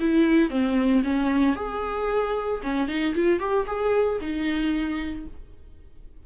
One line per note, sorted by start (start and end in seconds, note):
0.00 0.50 E4
0.50 1.03 C4
1.04 1.56 C#4
1.56 2.61 G#4
2.63 2.88 C#4
2.88 3.15 D#4
3.15 3.40 F4
3.40 3.66 G4
3.67 4.20 G#4
4.21 5.26 D#4